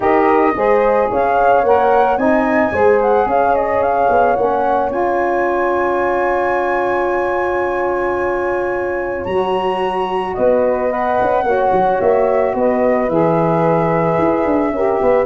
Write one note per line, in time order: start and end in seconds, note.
0.00 0.54 D#4
0.00 0.53 G4
0.00 0.56 A#4
0.00 1.09 D#5
0.54 1.09 G#3
0.54 1.63 G#4
0.54 1.10 C5
1.10 1.63 C#4
1.10 2.19 C#5
1.10 1.64 F5
1.63 2.17 A#3
1.63 2.17 A#4
1.63 2.17 F#5
2.17 2.71 C4
2.17 2.72 D#4
2.17 2.73 D#5
2.17 2.99 G#5
2.71 3.25 G#3
2.71 4.36 G#4
2.71 3.27 C5
3.01 3.28 F#5
3.25 4.07 C#4
3.25 10.34 C#5
3.25 3.55 F5
3.55 3.82 D#5
3.82 4.35 F5
4.09 4.36 B3
4.35 4.90 A#3
4.35 4.90 C#4
4.35 4.90 F#5
4.90 9.26 C#4
4.90 9.26 F4
4.90 9.25 G#5
9.25 10.35 F#3
9.25 10.89 F#4
9.25 10.34 A#5
10.34 11.19 B3
10.34 10.91 B4
10.34 11.43 D#5
10.89 11.44 B4
10.89 12.00 F#5
11.20 11.43 C#4
11.43 11.70 A#3
11.43 13.08 F#4
11.43 12.54 C#5
11.72 11.99 F#3
12.00 12.54 A#3
12.00 12.55 E5
12.54 13.08 B3
12.54 14.72 B4
12.54 13.09 D#5
13.08 14.17 E3
13.08 14.73 G#4
13.08 15.26 E5
14.18 14.45 E4
14.45 14.71 D4
14.71 14.98 C#4
14.71 15.26 G4
14.71 15.02 A#4
15.01 15.26 B3
15.01 15.26 B4